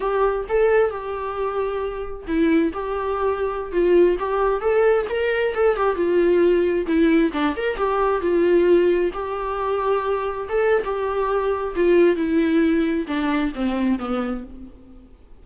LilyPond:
\new Staff \with { instrumentName = "viola" } { \time 4/4 \tempo 4 = 133 g'4 a'4 g'2~ | g'4 e'4 g'2~ | g'16 f'4 g'4 a'4 ais'8.~ | ais'16 a'8 g'8 f'2 e'8.~ |
e'16 d'8 ais'8 g'4 f'4.~ f'16~ | f'16 g'2. a'8. | g'2 f'4 e'4~ | e'4 d'4 c'4 b4 | }